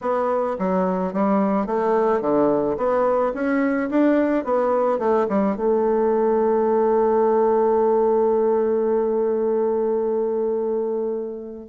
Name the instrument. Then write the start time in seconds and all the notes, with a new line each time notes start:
bassoon
0.01 B3
0.58 F#3
1.13 G3
1.66 A3
2.21 D3
2.77 B3
3.34 C#4
3.90 D4
4.44 B3
4.98 A3
5.28 G3
5.56 A3